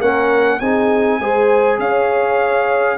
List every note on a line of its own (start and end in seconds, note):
0.00 0.60 A#3
0.00 0.61 C#4
0.00 0.59 A#4
0.00 0.59 F#5
0.59 1.19 C4
0.59 1.21 D#4
0.59 1.19 G#4
0.59 1.78 G#5
1.19 1.78 G#3
1.19 2.98 G#4
1.19 1.80 C5
1.79 2.98 C#4
1.79 2.98 C#5
1.79 2.98 F5